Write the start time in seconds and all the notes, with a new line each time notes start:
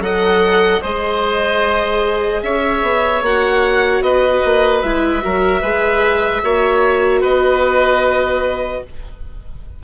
0.00 F#3 A4 D#5 F#5
0.82 G#3 G#4 C5 D#5
2.43 C#4 C#5 E5
2.83 B3
3.22 A#3 F#4 F#5
4.01 B3 B4 D#5
4.45 A#3
4.83 G#3 E4 E5
5.22 F#3 F#4 A#4
5.62 G#3 G#4 B4
6.43 A#3 F#4 C#5
7.21 B3 B4 D#5